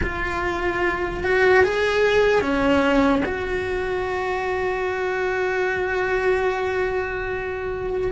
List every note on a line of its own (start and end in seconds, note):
0.02 1.23 F4
1.23 1.64 F#4
1.64 2.41 G#4
2.41 3.22 C#4
3.25 8.11 F#4